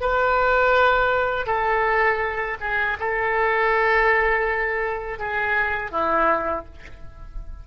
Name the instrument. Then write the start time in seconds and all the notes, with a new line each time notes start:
oboe
0.00 B4
1.46 A4
2.60 G#4
2.99 A4
5.18 G#4
5.91 E4